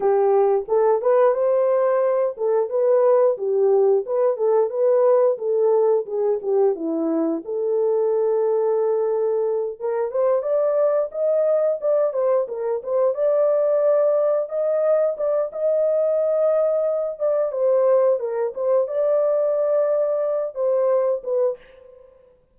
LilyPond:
\new Staff \with { instrumentName = "horn" } { \time 4/4 \tempo 4 = 89 g'4 a'8 b'8 c''4. a'8 | b'4 g'4 b'8 a'8 b'4 | a'4 gis'8 g'8 e'4 a'4~ | a'2~ a'8 ais'8 c''8 d''8~ |
d''8 dis''4 d''8 c''8 ais'8 c''8 d''8~ | d''4. dis''4 d''8 dis''4~ | dis''4. d''8 c''4 ais'8 c''8 | d''2~ d''8 c''4 b'8 | }